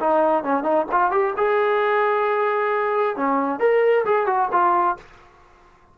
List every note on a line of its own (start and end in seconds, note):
0.00 0.44 D#4
0.44 0.63 C#4
0.63 0.86 D#4
0.92 1.11 F4
1.11 1.34 G4
1.37 3.17 G#4
3.17 3.60 C#4
3.60 4.05 A#4
4.05 4.27 G#4
4.27 4.49 F#4
4.52 4.97 F4